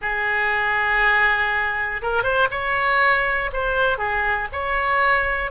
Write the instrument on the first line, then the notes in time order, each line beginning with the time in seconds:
oboe
0.01 G#4
2.02 A#4
2.23 C5
2.50 C#5
3.52 C5
3.98 G#4
4.52 C#5